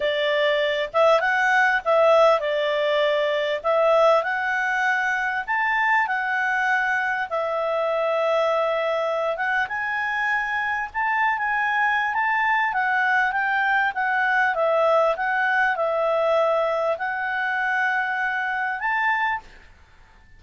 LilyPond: \new Staff \with { instrumentName = "clarinet" } { \time 4/4 \tempo 4 = 99 d''4. e''8 fis''4 e''4 | d''2 e''4 fis''4~ | fis''4 a''4 fis''2 | e''2.~ e''8 fis''8 |
gis''2 a''8. gis''4~ gis''16 | a''4 fis''4 g''4 fis''4 | e''4 fis''4 e''2 | fis''2. a''4 | }